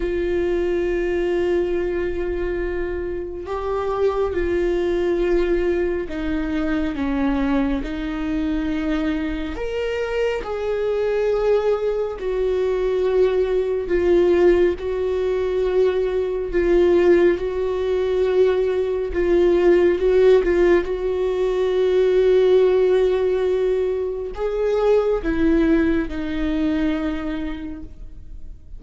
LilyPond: \new Staff \with { instrumentName = "viola" } { \time 4/4 \tempo 4 = 69 f'1 | g'4 f'2 dis'4 | cis'4 dis'2 ais'4 | gis'2 fis'2 |
f'4 fis'2 f'4 | fis'2 f'4 fis'8 f'8 | fis'1 | gis'4 e'4 dis'2 | }